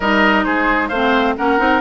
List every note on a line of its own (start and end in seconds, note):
0.00 0.45 G3
0.00 0.92 D#4
0.00 0.44 A#4
0.00 0.44 D#5
0.44 0.90 G#3
0.44 0.89 G#4
0.44 0.88 C5
0.88 1.35 A3
0.88 1.37 C4
0.88 1.34 C5
0.88 1.33 F5
1.37 1.59 A#3
1.37 1.58 C#4
1.37 1.81 A#4
1.37 1.81 F#5
1.58 1.81 C4
1.58 1.81 D#4